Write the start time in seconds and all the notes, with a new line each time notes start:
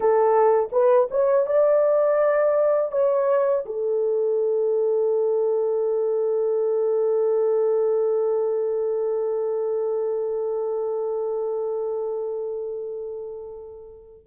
0.00 A4
0.72 B4
1.10 C#5
1.46 D5
2.91 C#5
3.66 A4